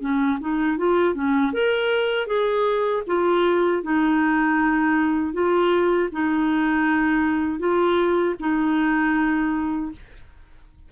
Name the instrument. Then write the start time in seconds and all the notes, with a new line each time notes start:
clarinet
0.00 C#4
0.40 D#4
0.77 F4
1.14 C#4
1.53 A#4
2.26 G#4
3.07 F4
3.83 D#4
5.33 F4
6.11 D#4
7.58 F4
8.39 D#4